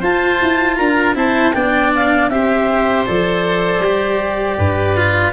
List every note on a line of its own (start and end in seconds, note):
0.00 0.40 F4
0.00 1.15 F4
0.00 0.76 C5
0.00 0.77 A5
0.42 0.79 E4
0.77 1.15 D4
0.77 1.16 A#4
0.77 1.15 A#5
1.15 1.53 C4
1.15 1.53 E4
1.15 1.55 C5
1.15 1.53 A5
1.53 2.30 B3
1.53 2.31 D4
1.53 2.31 D5
1.53 1.91 G5
1.95 2.29 F5
2.29 3.06 C4
2.29 3.06 G4
2.29 4.58 C5
2.29 3.05 E5
3.06 3.80 F3
3.06 3.82 A4
3.06 5.33 D5
3.80 4.56 G3
3.80 4.96 G4
4.58 5.33 G2
4.58 5.33 B4
4.96 5.33 F4